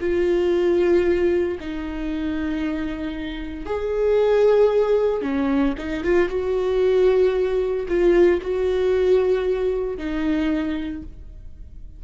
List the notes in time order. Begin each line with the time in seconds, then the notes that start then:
0.00 F4
1.59 D#4
3.65 G#4
5.22 C#4
5.78 D#4
6.03 F4
6.28 F#4
7.88 F4
8.41 F#4
9.97 D#4